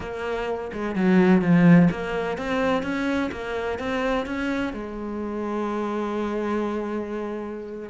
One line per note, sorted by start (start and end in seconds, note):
0.00 0.71 A#3
0.72 0.95 G#3
0.95 1.41 F#3
1.41 1.88 F3
1.90 2.37 A#3
2.37 2.83 C4
2.83 3.30 C#4
3.31 3.78 A#3
3.78 4.25 C4
4.25 4.73 C#4
4.73 7.89 G#3